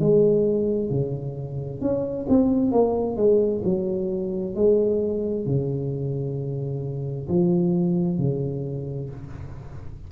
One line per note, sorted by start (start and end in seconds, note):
0.00 0.90 G#3
0.90 1.81 C#3
1.81 2.27 C#4
2.29 2.72 C4
2.72 3.17 A#3
3.17 3.62 G#3
3.65 4.56 F#3
4.56 5.46 G#3
5.46 7.28 C#3
7.29 8.19 F3
8.19 9.10 C#3